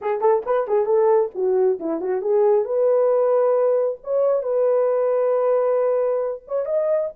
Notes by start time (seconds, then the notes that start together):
0.01 G#4
0.20 A4
0.45 B4
0.67 G#4
0.85 A4
1.34 F#4
1.79 E4
2.00 F#4
2.21 G#4
2.64 B4
4.03 C#5
4.42 B4
6.47 C#5
6.65 D#5